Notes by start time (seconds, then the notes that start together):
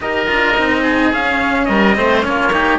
0.00 D#4 G4 A#4 D#5
0.27 D4 F4
0.56 C4 D#4
0.82 G#4
1.12 C#4 F5
1.65 G3 A#4 D#5
1.95 A3 C4 C5
2.21 A#3 C#4 C#5
2.28 F4
2.52 D#4 G4